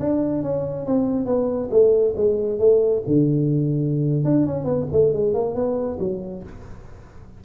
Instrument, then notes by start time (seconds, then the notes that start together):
tuba
0.00 D4
0.43 C#4
0.86 C4
1.26 B3
1.71 A3
2.17 G#3
2.59 A3
3.07 D3
4.25 D4
4.47 C#4
4.65 B3
4.92 A3
5.13 G#3
5.34 A#3
5.55 B3
6.00 F#3